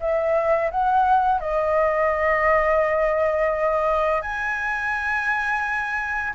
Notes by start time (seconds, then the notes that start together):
0.00 E5
0.71 F#5
1.40 D#5
4.21 G#5